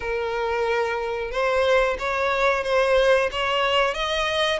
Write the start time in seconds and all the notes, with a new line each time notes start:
0.00 A#4
1.31 C5
1.98 C#5
2.63 C5
3.31 C#5
3.94 D#5